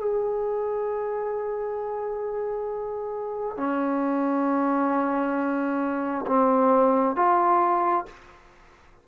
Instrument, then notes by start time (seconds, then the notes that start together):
trombone
0.00 G#4
3.57 C#4
6.27 C4
7.16 F4